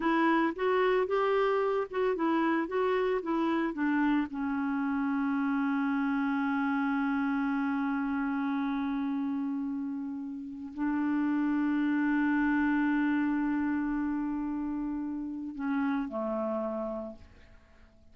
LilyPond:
\new Staff \with { instrumentName = "clarinet" } { \time 4/4 \tempo 4 = 112 e'4 fis'4 g'4. fis'8 | e'4 fis'4 e'4 d'4 | cis'1~ | cis'1~ |
cis'1 | d'1~ | d'1~ | d'4 cis'4 a2 | }